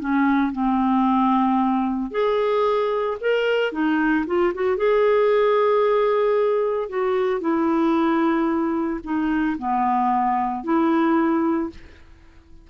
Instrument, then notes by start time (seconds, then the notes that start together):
clarinet
0.00 C#4
0.52 C4
2.11 G#4
3.21 A#4
3.73 D#4
4.27 F4
4.54 F#4
4.77 G#4
6.90 F#4
7.41 E4
9.04 D#4
9.59 B3
10.64 E4